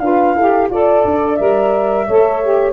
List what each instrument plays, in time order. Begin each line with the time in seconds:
0.00 tuba D4, saxophone F4, horn B4, flute F5
0.35 tuba E4, saxophone G4, horn A4
0.70 tuba F4, saxophone A4, flute D5, horn D5
1.05 tuba D4
1.36 tuba G3, saxophone A#4, flute E5
2.08 tuba A3, saxophone A4, horn C#5
2.43 saxophone G4